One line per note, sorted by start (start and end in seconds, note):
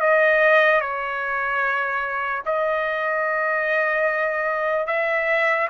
0.00 0.81 D#5
0.81 2.43 C#5
2.46 4.87 D#5
4.87 5.68 E5